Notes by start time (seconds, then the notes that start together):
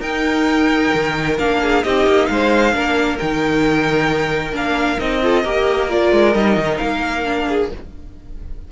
0.00 D#4 A#4 G5
0.94 D#3
1.39 A#3 D4 F5
1.62 G#4
1.83 C4 D#4 G4 D#5
2.06 A#3
2.27 G#3 C5 F5
2.73 A#3 D4 A#4
3.19 D#3 D#4 G5
4.52 A#3 D4 F5
4.99 C4 D#4 D#5
5.22 F4 A4
5.43 A#3 G4 A#4
5.89 F4 D5
6.12 G#3
6.34 G3 D#4 D#5
6.57 D#3
6.78 A#3 F5
7.25 D4
7.48 G#4